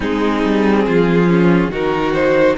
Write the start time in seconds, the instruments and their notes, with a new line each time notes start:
0.00 cello G#3, viola C4, violin D#4 G#4
0.43 cello G3
0.86 cello F3, violin F4
1.27 viola C#4
1.68 cello D#3, viola D#4, violin F#4 A#4
2.13 violin C5